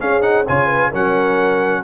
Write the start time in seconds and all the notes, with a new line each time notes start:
0.00 C#4 G#4 F5
0.21 D#4 F#5
0.47 C#3 F4 C#5 G#5
0.67 B4
0.90 F#3 C#4 A#4 F#5